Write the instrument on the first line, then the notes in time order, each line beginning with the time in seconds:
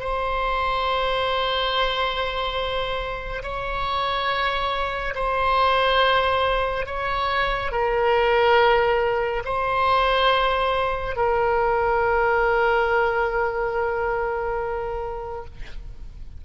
oboe
0.00 C5
3.43 C#5
5.15 C5
6.86 C#5
7.72 A#4
9.45 C5
11.17 A#4